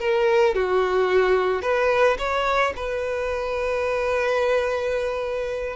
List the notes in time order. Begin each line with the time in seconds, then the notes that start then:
0.00 A#4
0.55 F#4
1.63 B4
2.19 C#5
2.76 B4